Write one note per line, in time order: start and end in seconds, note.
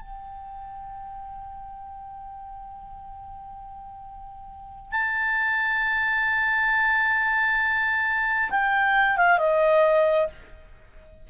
0.00 4.91 G5
4.91 8.50 A5
8.50 9.17 G5
9.17 9.38 F5
9.38 10.27 D#5